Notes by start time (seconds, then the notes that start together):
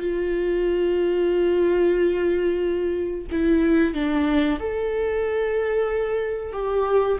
0.00 F4
3.31 E4
3.93 D4
4.59 A4
6.52 G4